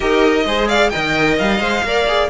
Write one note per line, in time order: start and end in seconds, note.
0.00 0.45 D#4
0.00 0.43 G4
0.00 0.45 A#4
0.00 0.69 D#5
0.45 0.91 G#3
0.45 0.93 G#4
0.45 0.67 C5
0.67 0.90 D5
0.67 0.89 F5
0.89 1.61 A#4
0.89 1.84 D#5
0.89 1.35 G5
0.95 1.40 D#3
1.38 1.59 G3
1.38 2.29 F5
1.59 1.82 G#3
1.59 1.84 C5
1.83 2.29 A#3
1.83 2.07 A#4
1.83 2.29 D5
2.07 2.29 G#4